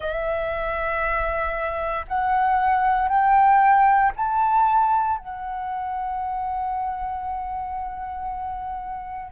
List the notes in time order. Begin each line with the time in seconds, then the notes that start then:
0.00 E5
2.07 F#5
3.08 G5
4.16 A5
5.17 F#5